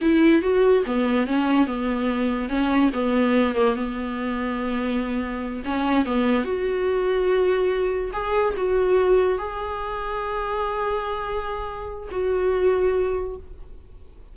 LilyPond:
\new Staff \with { instrumentName = "viola" } { \time 4/4 \tempo 4 = 144 e'4 fis'4 b4 cis'4 | b2 cis'4 b4~ | b8 ais8 b2.~ | b4. cis'4 b4 fis'8~ |
fis'2.~ fis'8 gis'8~ | gis'8 fis'2 gis'4.~ | gis'1~ | gis'4 fis'2. | }